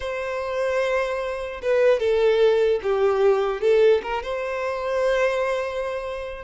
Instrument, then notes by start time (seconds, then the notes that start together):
violin
0.00 C5
1.62 B4
1.99 A4
2.83 G4
3.61 A4
4.03 A#4
4.22 C5